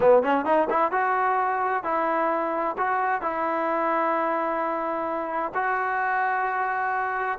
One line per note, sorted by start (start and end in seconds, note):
0.00 0.22 B3
0.22 0.45 C#4
0.45 0.68 D#4
0.69 0.91 E4
0.91 1.83 F#4
1.83 2.76 E4
2.77 3.21 F#4
3.21 5.52 E4
5.54 7.38 F#4